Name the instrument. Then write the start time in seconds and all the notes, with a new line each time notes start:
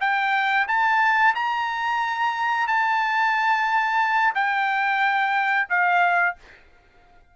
trumpet
0.00 G5
0.68 A5
1.35 A#5
2.67 A5
4.34 G5
5.69 F5